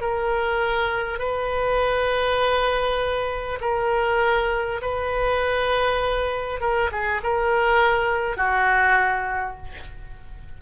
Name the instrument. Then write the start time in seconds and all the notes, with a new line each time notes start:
oboe
0.00 A#4
1.18 B4
3.60 A#4
4.81 B4
6.60 A#4
6.91 G#4
7.23 A#4
8.37 F#4